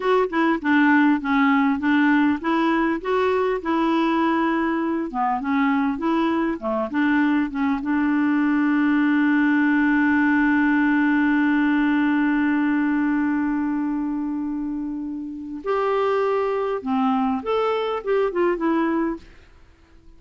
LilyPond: \new Staff \with { instrumentName = "clarinet" } { \time 4/4 \tempo 4 = 100 fis'8 e'8 d'4 cis'4 d'4 | e'4 fis'4 e'2~ | e'8 b8 cis'4 e'4 a8 d'8~ | d'8 cis'8 d'2.~ |
d'1~ | d'1~ | d'2 g'2 | c'4 a'4 g'8 f'8 e'4 | }